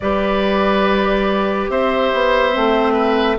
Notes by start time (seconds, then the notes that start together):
0.00 G3 G4 B4 D5
1.69 C4 C5 E5
2.13 B3
2.53 A3 C4
2.93 B4